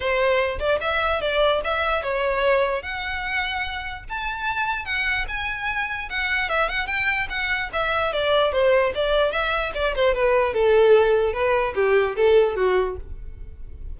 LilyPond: \new Staff \with { instrumentName = "violin" } { \time 4/4 \tempo 4 = 148 c''4. d''8 e''4 d''4 | e''4 cis''2 fis''4~ | fis''2 a''2 | fis''4 gis''2 fis''4 |
e''8 fis''8 g''4 fis''4 e''4 | d''4 c''4 d''4 e''4 | d''8 c''8 b'4 a'2 | b'4 g'4 a'4 fis'4 | }